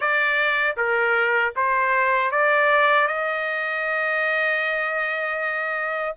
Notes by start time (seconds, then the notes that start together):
0.00 D5
0.77 A#4
1.56 C5
2.31 D5
3.07 D#5